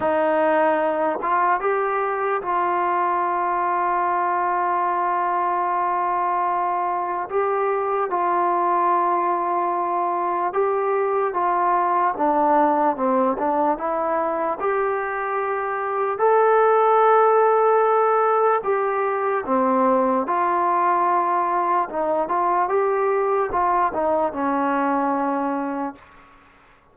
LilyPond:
\new Staff \with { instrumentName = "trombone" } { \time 4/4 \tempo 4 = 74 dis'4. f'8 g'4 f'4~ | f'1~ | f'4 g'4 f'2~ | f'4 g'4 f'4 d'4 |
c'8 d'8 e'4 g'2 | a'2. g'4 | c'4 f'2 dis'8 f'8 | g'4 f'8 dis'8 cis'2 | }